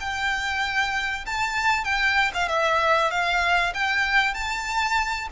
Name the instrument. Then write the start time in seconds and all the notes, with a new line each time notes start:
violin
0.00 G5
1.26 A5
1.84 G5
2.34 F5
2.48 E5
3.11 F5
3.74 G5
4.34 A5